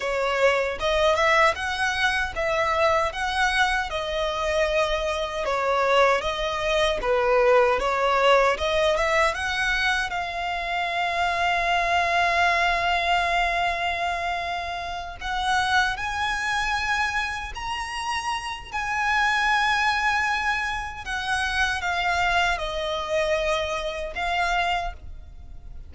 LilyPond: \new Staff \with { instrumentName = "violin" } { \time 4/4 \tempo 4 = 77 cis''4 dis''8 e''8 fis''4 e''4 | fis''4 dis''2 cis''4 | dis''4 b'4 cis''4 dis''8 e''8 | fis''4 f''2.~ |
f''2.~ f''8 fis''8~ | fis''8 gis''2 ais''4. | gis''2. fis''4 | f''4 dis''2 f''4 | }